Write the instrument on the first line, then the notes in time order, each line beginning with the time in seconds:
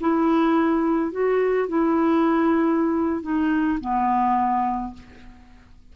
clarinet
0.00 E4
1.11 F#4
1.68 E4
3.22 D#4
3.80 B3